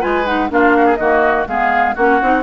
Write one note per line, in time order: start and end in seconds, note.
0.00 0.51 G#3
0.00 0.24 F4
0.00 0.49 B4
0.00 0.26 G#5
0.26 0.49 D#4
0.26 0.50 F#5
0.49 0.99 A#3
0.49 0.98 D4
0.49 0.77 F4
0.49 0.96 F5
0.77 0.85 F#4
0.85 0.97 G#4
0.96 1.47 D#3
0.96 1.48 A#3
0.96 1.48 F#4
0.96 1.44 D#5
1.47 1.96 G#3
1.47 1.97 B3
1.47 1.95 G#4
1.47 1.96 F5
1.95 2.21 A#3
1.95 2.22 C#4
1.95 2.43 F#4
1.95 2.43 F#5
2.22 2.43 C4
2.22 2.43 D#4